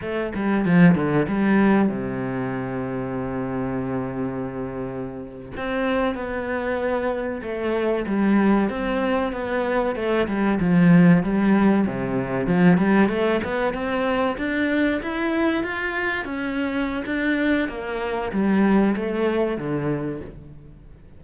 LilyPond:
\new Staff \with { instrumentName = "cello" } { \time 4/4 \tempo 4 = 95 a8 g8 f8 d8 g4 c4~ | c1~ | c8. c'4 b2 a16~ | a8. g4 c'4 b4 a16~ |
a16 g8 f4 g4 c4 f16~ | f16 g8 a8 b8 c'4 d'4 e'16~ | e'8. f'4 cis'4~ cis'16 d'4 | ais4 g4 a4 d4 | }